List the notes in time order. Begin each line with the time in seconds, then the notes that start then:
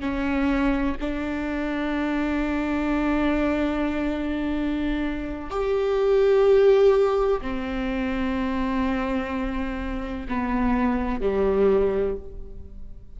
0.00 C#4
1.00 D4
5.50 G4
7.41 C4
10.28 B3
11.20 G3